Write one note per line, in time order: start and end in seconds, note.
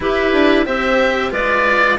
0.00 0.65 E4
0.00 0.32 E4
0.00 0.66 G4
0.00 0.65 B4
0.32 0.66 D4
0.65 1.32 C4
0.65 1.31 G4
0.65 1.31 C5
0.65 1.32 E5
1.31 1.98 G#3
1.31 1.98 F4
1.31 1.98 B4
1.31 1.98 D5